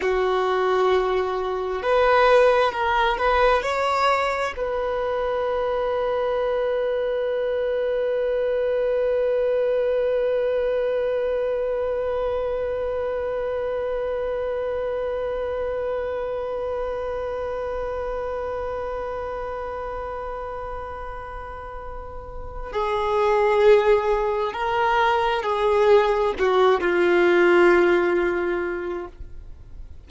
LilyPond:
\new Staff \with { instrumentName = "violin" } { \time 4/4 \tempo 4 = 66 fis'2 b'4 ais'8 b'8 | cis''4 b'2.~ | b'1~ | b'1~ |
b'1~ | b'1~ | b'4 gis'2 ais'4 | gis'4 fis'8 f'2~ f'8 | }